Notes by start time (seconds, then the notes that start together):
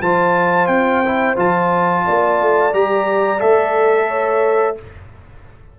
0.00 F3 F4 C5 A5
0.67 C4 G5
1.06 E4
1.36 F3 F4 A5
2.06 A#3 D5
2.42 A3
2.74 G3 G4 A#5
3.39 A3 A4 E5
4.08 C#5